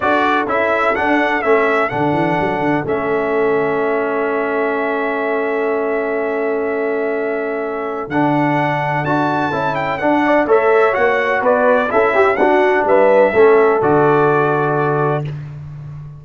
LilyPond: <<
  \new Staff \with { instrumentName = "trumpet" } { \time 4/4 \tempo 4 = 126 d''4 e''4 fis''4 e''4 | fis''2 e''2~ | e''1~ | e''1~ |
e''4 fis''2 a''4~ | a''8 g''8 fis''4 e''4 fis''4 | d''4 e''4 fis''4 e''4~ | e''4 d''2. | }
  \new Staff \with { instrumentName = "horn" } { \time 4/4 a'1~ | a'1~ | a'1~ | a'1~ |
a'1~ | a'4. d''8 cis''2 | b'4 a'8 g'8 fis'4 b'4 | a'1 | }
  \new Staff \with { instrumentName = "trombone" } { \time 4/4 fis'4 e'4 d'4 cis'4 | d'2 cis'2~ | cis'1~ | cis'1~ |
cis'4 d'2 fis'4 | e'4 d'4 a'4 fis'4~ | fis'4 e'4 d'2 | cis'4 fis'2. | }
  \new Staff \with { instrumentName = "tuba" } { \time 4/4 d'4 cis'4 d'4 a4 | d8 e8 fis8 d8 a2~ | a1~ | a1~ |
a4 d2 d'4 | cis'4 d'4 a4 ais4 | b4 cis'4 d'4 g4 | a4 d2. | }
>>